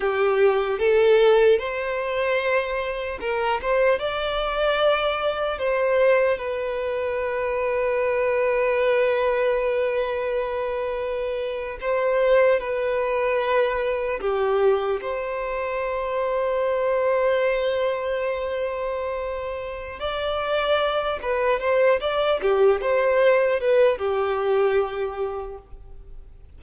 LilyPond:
\new Staff \with { instrumentName = "violin" } { \time 4/4 \tempo 4 = 75 g'4 a'4 c''2 | ais'8 c''8 d''2 c''4 | b'1~ | b'2~ b'8. c''4 b'16~ |
b'4.~ b'16 g'4 c''4~ c''16~ | c''1~ | c''4 d''4. b'8 c''8 d''8 | g'8 c''4 b'8 g'2 | }